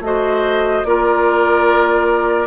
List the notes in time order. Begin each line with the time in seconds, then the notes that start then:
0.00 A3 F#4 C5 D#5
0.84 A#3 F4 A#4 D5